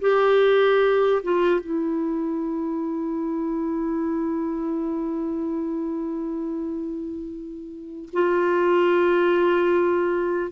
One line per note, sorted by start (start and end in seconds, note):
0.00 1.22 G4
1.22 1.60 F4
1.60 8.09 E4
8.13 10.51 F4